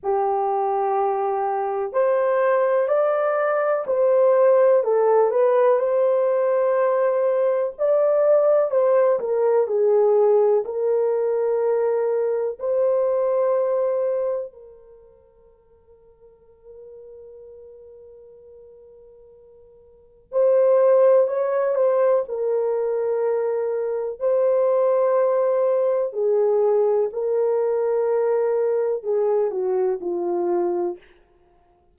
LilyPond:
\new Staff \with { instrumentName = "horn" } { \time 4/4 \tempo 4 = 62 g'2 c''4 d''4 | c''4 a'8 b'8 c''2 | d''4 c''8 ais'8 gis'4 ais'4~ | ais'4 c''2 ais'4~ |
ais'1~ | ais'4 c''4 cis''8 c''8 ais'4~ | ais'4 c''2 gis'4 | ais'2 gis'8 fis'8 f'4 | }